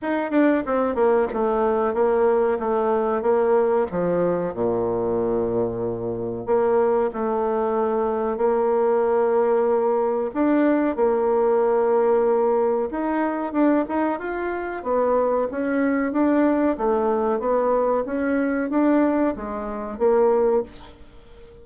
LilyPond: \new Staff \with { instrumentName = "bassoon" } { \time 4/4 \tempo 4 = 93 dis'8 d'8 c'8 ais8 a4 ais4 | a4 ais4 f4 ais,4~ | ais,2 ais4 a4~ | a4 ais2. |
d'4 ais2. | dis'4 d'8 dis'8 f'4 b4 | cis'4 d'4 a4 b4 | cis'4 d'4 gis4 ais4 | }